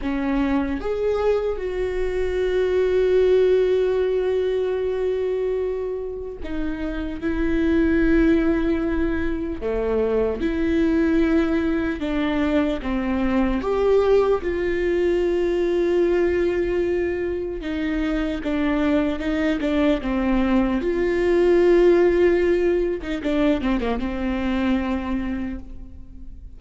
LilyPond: \new Staff \with { instrumentName = "viola" } { \time 4/4 \tempo 4 = 75 cis'4 gis'4 fis'2~ | fis'1 | dis'4 e'2. | a4 e'2 d'4 |
c'4 g'4 f'2~ | f'2 dis'4 d'4 | dis'8 d'8 c'4 f'2~ | f'8. dis'16 d'8 c'16 ais16 c'2 | }